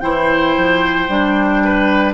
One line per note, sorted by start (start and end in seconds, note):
0.00 0.55 E3
0.00 1.08 E4
0.00 1.63 C5
0.00 2.14 G5
0.57 1.08 F3
1.08 2.14 G3
1.08 2.14 D4
1.64 2.14 B4